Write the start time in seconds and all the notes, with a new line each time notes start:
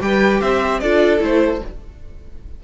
0.00 G3 G4 B4 G5
0.40 C4 C5 E5
0.79 D4 F4 A4 D5
1.19 A3 E4 C5